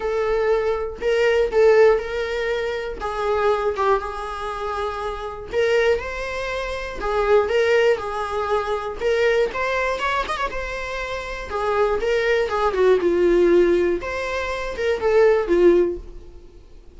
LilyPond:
\new Staff \with { instrumentName = "viola" } { \time 4/4 \tempo 4 = 120 a'2 ais'4 a'4 | ais'2 gis'4. g'8 | gis'2. ais'4 | c''2 gis'4 ais'4 |
gis'2 ais'4 c''4 | cis''8 dis''16 cis''16 c''2 gis'4 | ais'4 gis'8 fis'8 f'2 | c''4. ais'8 a'4 f'4 | }